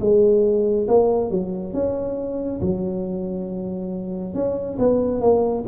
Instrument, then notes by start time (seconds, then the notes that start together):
tuba
0.00 G#3
0.87 A#3
1.30 F#3
1.73 C#4
2.60 F#3
4.34 C#4
4.78 B3
5.21 A#3